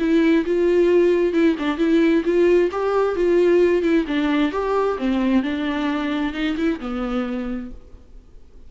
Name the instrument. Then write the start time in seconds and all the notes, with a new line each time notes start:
viola
0.00 E4
0.46 F4
1.34 E4
1.59 D4
1.78 E4
2.25 F4
2.72 G4
3.16 F4
3.83 E4
4.08 D4
4.52 G4
4.99 C4
5.43 D4
6.34 D#4
6.57 E4
6.80 B3